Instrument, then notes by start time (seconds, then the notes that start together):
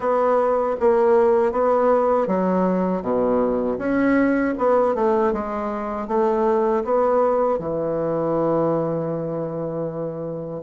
bassoon
0.00 B3
0.80 A#3
1.52 B3
2.27 F#3
3.02 B2
3.78 C#4
4.57 B3
4.94 A3
5.32 G#3
6.07 A3
6.84 B3
7.58 E3